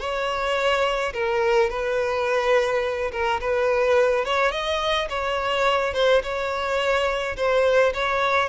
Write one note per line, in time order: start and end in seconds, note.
0.00 1.13 C#5
1.14 1.70 A#4
1.70 3.12 B4
3.12 3.40 A#4
3.41 4.25 B4
4.25 4.52 C#5
4.52 5.08 D#5
5.10 5.94 C#5
5.94 6.22 C5
6.23 7.37 C#5
7.37 7.93 C5
7.94 8.49 C#5